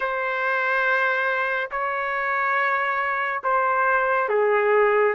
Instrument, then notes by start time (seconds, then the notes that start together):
trumpet
0.00 C5
1.71 C#5
3.43 C5
4.29 G#4